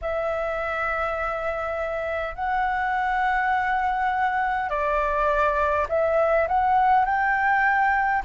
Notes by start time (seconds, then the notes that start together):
0.01 E5
2.35 F#5
4.69 D5
5.88 E5
6.48 F#5
7.05 G5